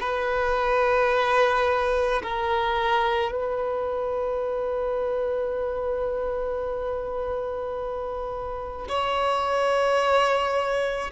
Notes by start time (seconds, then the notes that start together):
0.00 B4
2.23 A#4
3.31 B4
8.88 C#5